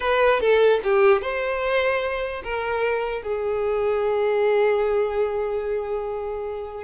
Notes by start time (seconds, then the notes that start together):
0.00 B4
0.40 A4
0.83 G4
1.21 C5
2.43 A#4
3.22 G#4